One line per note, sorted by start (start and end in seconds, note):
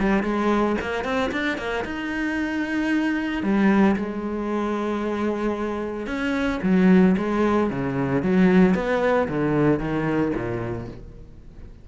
0.00 0.23 G3
0.23 0.77 G#3
0.81 1.05 A#3
1.05 1.31 C4
1.33 1.58 D4
1.58 1.85 A#3
1.85 3.43 D#4
3.43 3.97 G3
3.97 6.07 G#3
6.07 6.60 C#4
6.63 7.16 F#3
7.18 7.71 G#3
7.71 8.23 C#3
8.23 8.75 F#3
8.75 9.28 B3
9.29 9.80 D3
9.80 10.33 D#3
10.35 10.88 A#2